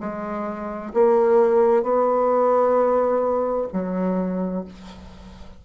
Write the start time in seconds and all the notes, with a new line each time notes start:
0.00 G#3
0.94 A#3
1.83 B3
3.73 F#3